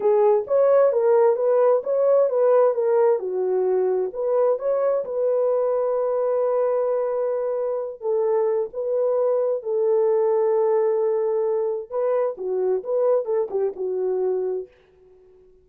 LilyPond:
\new Staff \with { instrumentName = "horn" } { \time 4/4 \tempo 4 = 131 gis'4 cis''4 ais'4 b'4 | cis''4 b'4 ais'4 fis'4~ | fis'4 b'4 cis''4 b'4~ | b'1~ |
b'4. a'4. b'4~ | b'4 a'2.~ | a'2 b'4 fis'4 | b'4 a'8 g'8 fis'2 | }